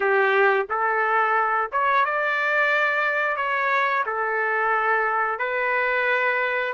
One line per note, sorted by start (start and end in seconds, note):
0.00 0.66 G4
0.69 1.70 A4
1.72 2.05 C#5
2.05 3.36 D5
3.36 4.04 C#5
4.06 5.38 A4
5.38 6.73 B4